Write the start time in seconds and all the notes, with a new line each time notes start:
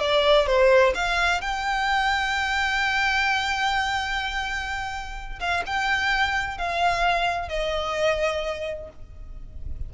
0.00 D5
0.47 C5
0.95 F5
1.41 G5
5.40 F5
5.66 G5
6.58 F5
7.49 D#5